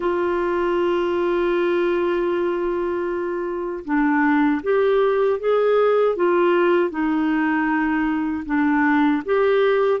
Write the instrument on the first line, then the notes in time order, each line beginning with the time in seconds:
clarinet
0.00 F4
3.85 D4
4.62 G4
5.39 G#4
6.15 F4
6.90 D#4
8.45 D4
9.25 G4